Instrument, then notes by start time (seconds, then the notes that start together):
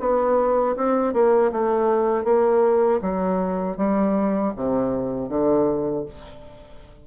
bassoon
0.00 B3
0.76 C4
1.14 A#3
1.52 A3
2.24 A#3
3.02 F#3
3.77 G3
4.56 C3
5.29 D3